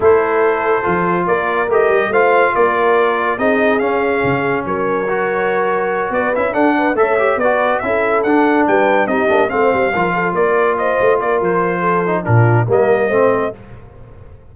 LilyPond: <<
  \new Staff \with { instrumentName = "trumpet" } { \time 4/4 \tempo 4 = 142 c''2. d''4 | dis''4 f''4 d''2 | dis''4 f''2 cis''4~ | cis''2~ cis''8 d''8 e''8 fis''8~ |
fis''8 e''4 d''4 e''4 fis''8~ | fis''8 g''4 dis''4 f''4.~ | f''8 d''4 dis''4 d''8 c''4~ | c''4 ais'4 dis''2 | }
  \new Staff \with { instrumentName = "horn" } { \time 4/4 a'2. ais'4~ | ais'4 c''4 ais'2 | gis'2. ais'4~ | ais'2~ ais'8 b'4 a'8 |
b'8 cis''4 b'4 a'4.~ | a'8 b'4 g'4 c''4 ais'8 | a'8 ais'4 c''4 ais'4. | a'4 f'4 ais'4 c''4 | }
  \new Staff \with { instrumentName = "trombone" } { \time 4/4 e'2 f'2 | g'4 f'2. | dis'4 cis'2. | fis'2. e'8 d'8~ |
d'8 a'8 g'8 fis'4 e'4 d'8~ | d'4. dis'8 d'8 c'4 f'8~ | f'1~ | f'8 dis'8 d'4 ais4 c'4 | }
  \new Staff \with { instrumentName = "tuba" } { \time 4/4 a2 f4 ais4 | a8 g8 a4 ais2 | c'4 cis'4 cis4 fis4~ | fis2~ fis8 b8 cis'8 d'8~ |
d'8 a4 b4 cis'4 d'8~ | d'8 g4 c'8 ais8 a8 g8 f8~ | f8 ais4. a8 ais8 f4~ | f4 ais,4 g4 a4 | }
>>